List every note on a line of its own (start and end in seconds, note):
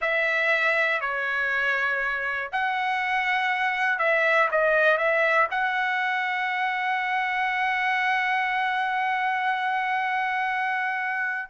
0.01 1.00 E5
1.00 2.50 C#5
2.52 3.99 F#5
3.99 4.49 E5
4.51 4.97 D#5
4.97 5.47 E5
5.50 11.49 F#5